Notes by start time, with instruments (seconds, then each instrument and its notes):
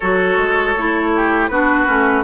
0.00 bassoon F#3, clarinet F#4, oboe A4, flute C#5
0.37 bassoon G#3
0.77 bassoon A3, clarinet E4
1.15 oboe G4
1.48 bassoon B3, clarinet D4, oboe F#4, flute B4
1.86 bassoon A3, clarinet C#4